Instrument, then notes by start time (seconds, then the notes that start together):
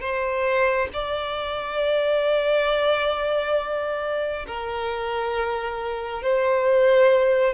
violin
0.00 C5
0.93 D5
4.47 A#4
6.22 C5